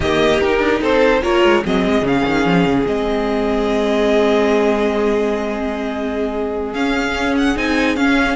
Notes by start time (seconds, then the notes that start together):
0.00 D#3 A#3 G4 D#5
0.40 D#4 A#4
0.58 D4
0.80 C4 A4 C5
1.22 A#3 F4 A#4 C#5
1.43 G#3
1.64 F#3 C4 G#4 D#5
1.85 G#3
2.02 C#3 C#4 F5
2.25 D#3
2.45 F3
2.65 C#3
2.85 G#3 C4 D#5
6.73 C#4 F5
7.37 F#5
7.56 C4 D#4 G#5
7.96 C#4 F5